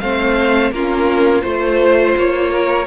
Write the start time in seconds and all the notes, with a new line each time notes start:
0.00 A3 C4 C5 F5
0.72 A#3 C#4 F4 A#4
1.42 A3 F4 C5
2.18 A#3 C#5
2.51 A#4